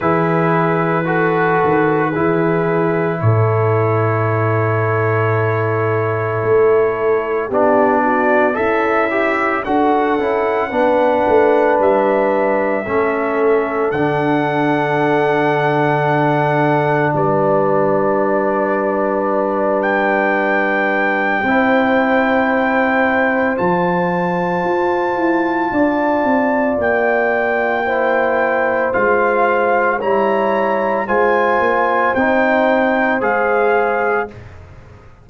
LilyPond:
<<
  \new Staff \with { instrumentName = "trumpet" } { \time 4/4 \tempo 4 = 56 b'2. cis''4~ | cis''2. d''4 | e''4 fis''2 e''4~ | e''4 fis''2. |
d''2~ d''8 g''4.~ | g''2 a''2~ | a''4 g''2 f''4 | ais''4 gis''4 g''4 f''4 | }
  \new Staff \with { instrumentName = "horn" } { \time 4/4 gis'4 a'4 gis'4 a'4~ | a'2. g'8 fis'8 | e'4 a'4 b'2 | a'1 |
b'1 | c''1 | d''2 c''2 | cis''4 c''2. | }
  \new Staff \with { instrumentName = "trombone" } { \time 4/4 e'4 fis'4 e'2~ | e'2. d'4 | a'8 g'8 fis'8 e'8 d'2 | cis'4 d'2.~ |
d'1 | e'2 f'2~ | f'2 e'4 f'4 | e'4 f'4 dis'4 gis'4 | }
  \new Staff \with { instrumentName = "tuba" } { \time 4/4 e4. dis8 e4 a,4~ | a,2 a4 b4 | cis'4 d'8 cis'8 b8 a8 g4 | a4 d2. |
g1 | c'2 f4 f'8 e'8 | d'8 c'8 ais2 gis4 | g4 gis8 ais8 c'4 gis4 | }
>>